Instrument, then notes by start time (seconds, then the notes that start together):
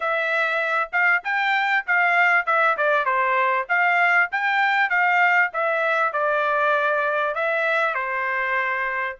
trumpet
0.00 E5
0.92 F5
1.24 G5
1.86 F5
2.46 E5
2.77 D5
3.05 C5
3.68 F5
4.31 G5
4.89 F5
5.53 E5
6.12 D5
7.34 E5
7.94 C5